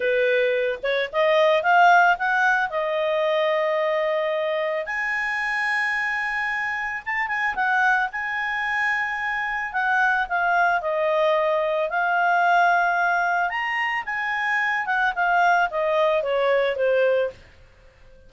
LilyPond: \new Staff \with { instrumentName = "clarinet" } { \time 4/4 \tempo 4 = 111 b'4. cis''8 dis''4 f''4 | fis''4 dis''2.~ | dis''4 gis''2.~ | gis''4 a''8 gis''8 fis''4 gis''4~ |
gis''2 fis''4 f''4 | dis''2 f''2~ | f''4 ais''4 gis''4. fis''8 | f''4 dis''4 cis''4 c''4 | }